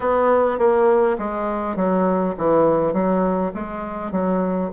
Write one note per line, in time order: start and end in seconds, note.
0.00 0.58 B3
0.58 1.17 A#3
1.18 1.75 G#3
1.75 2.34 F#3
2.37 2.93 E3
2.93 3.51 F#3
3.53 4.11 G#3
4.11 4.70 F#3